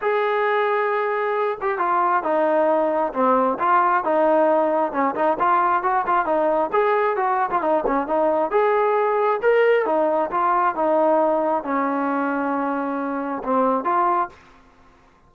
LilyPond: \new Staff \with { instrumentName = "trombone" } { \time 4/4 \tempo 4 = 134 gis'2.~ gis'8 g'8 | f'4 dis'2 c'4 | f'4 dis'2 cis'8 dis'8 | f'4 fis'8 f'8 dis'4 gis'4 |
fis'8. f'16 dis'8 cis'8 dis'4 gis'4~ | gis'4 ais'4 dis'4 f'4 | dis'2 cis'2~ | cis'2 c'4 f'4 | }